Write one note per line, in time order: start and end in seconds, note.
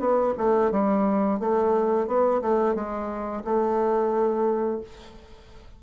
0.00 0.34 B3
0.38 0.72 A3
0.72 1.40 G3
1.40 2.08 A3
2.08 2.42 B3
2.42 2.75 A3
2.75 3.43 G#3
3.45 4.81 A3